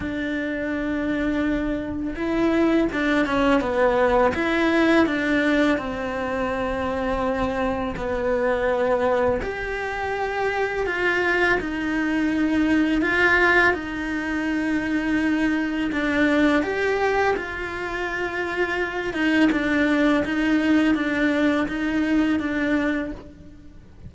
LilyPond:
\new Staff \with { instrumentName = "cello" } { \time 4/4 \tempo 4 = 83 d'2. e'4 | d'8 cis'8 b4 e'4 d'4 | c'2. b4~ | b4 g'2 f'4 |
dis'2 f'4 dis'4~ | dis'2 d'4 g'4 | f'2~ f'8 dis'8 d'4 | dis'4 d'4 dis'4 d'4 | }